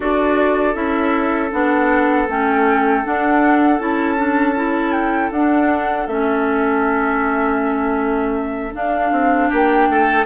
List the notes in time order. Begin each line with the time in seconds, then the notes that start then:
0.00 D4 F#4 A4 D5
0.74 C#4 E4 E5
1.52 B3 D4 F#5
2.28 A3 C#4 G5
3.04 D4 F#5
3.78 C#4 E4 A5
4.17 D4
4.55 E4
4.92 G5
5.31 D4 F#5
6.07 A3 C#4 E5
8.72 D4 F5
9.11 C4
9.49 A#3 G4 G5
9.89 A3 A4